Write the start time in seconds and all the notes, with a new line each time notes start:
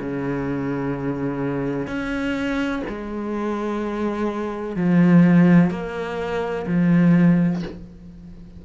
0.00 C#3
1.87 C#4
2.88 G#3
4.76 F3
5.71 A#3
6.67 F3